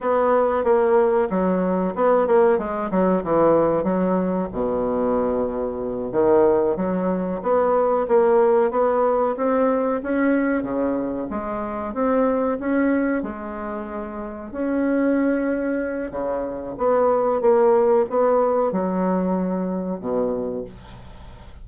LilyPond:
\new Staff \with { instrumentName = "bassoon" } { \time 4/4 \tempo 4 = 93 b4 ais4 fis4 b8 ais8 | gis8 fis8 e4 fis4 b,4~ | b,4. dis4 fis4 b8~ | b8 ais4 b4 c'4 cis'8~ |
cis'8 cis4 gis4 c'4 cis'8~ | cis'8 gis2 cis'4.~ | cis'4 cis4 b4 ais4 | b4 fis2 b,4 | }